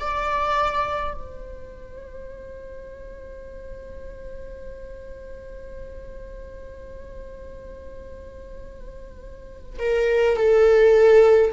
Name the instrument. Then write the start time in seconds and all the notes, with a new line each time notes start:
viola
0.00 D5
1.14 C5
9.79 A#4
10.36 A4